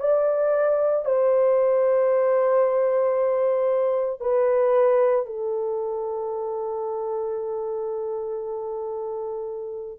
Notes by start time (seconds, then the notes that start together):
0.00 D5
1.05 C5
4.20 B4
5.25 A4